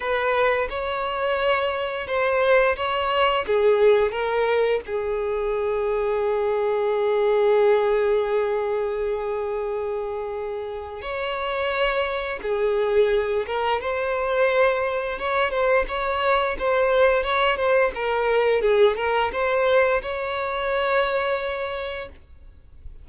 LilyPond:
\new Staff \with { instrumentName = "violin" } { \time 4/4 \tempo 4 = 87 b'4 cis''2 c''4 | cis''4 gis'4 ais'4 gis'4~ | gis'1~ | gis'1 |
cis''2 gis'4. ais'8 | c''2 cis''8 c''8 cis''4 | c''4 cis''8 c''8 ais'4 gis'8 ais'8 | c''4 cis''2. | }